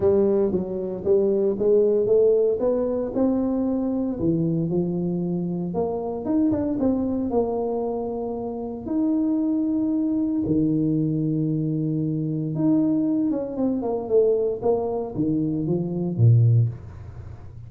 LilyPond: \new Staff \with { instrumentName = "tuba" } { \time 4/4 \tempo 4 = 115 g4 fis4 g4 gis4 | a4 b4 c'2 | e4 f2 ais4 | dis'8 d'8 c'4 ais2~ |
ais4 dis'2. | dis1 | dis'4. cis'8 c'8 ais8 a4 | ais4 dis4 f4 ais,4 | }